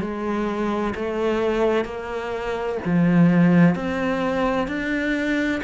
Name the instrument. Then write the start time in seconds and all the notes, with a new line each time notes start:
cello
0.00 G#3
0.95 A3
1.85 A#3
2.85 F3
3.75 C4
4.67 D4